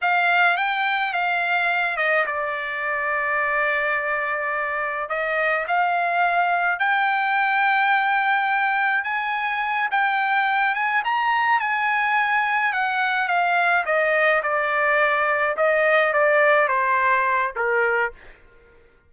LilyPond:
\new Staff \with { instrumentName = "trumpet" } { \time 4/4 \tempo 4 = 106 f''4 g''4 f''4. dis''8 | d''1~ | d''4 dis''4 f''2 | g''1 |
gis''4. g''4. gis''8 ais''8~ | ais''8 gis''2 fis''4 f''8~ | f''8 dis''4 d''2 dis''8~ | dis''8 d''4 c''4. ais'4 | }